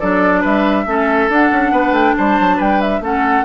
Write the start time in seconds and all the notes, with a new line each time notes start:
0.00 F#3 D4 A4 D5
0.41 G3 B4 E5
0.86 A3 C#4 A4
1.29 D4 F#5
1.52 C#4
1.72 B3 B4
1.92 A3 G5
2.18 G3 C5 A5
2.40 F#3
2.57 G3 B4 G5
2.81 E5
3.01 A3 C#4 A4 F#5